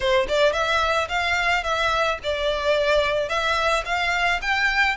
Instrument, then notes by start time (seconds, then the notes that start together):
violin
0.00 C5
0.28 D5
0.52 E5
1.09 F5
1.63 E5
2.23 D5
3.28 E5
3.85 F5
4.41 G5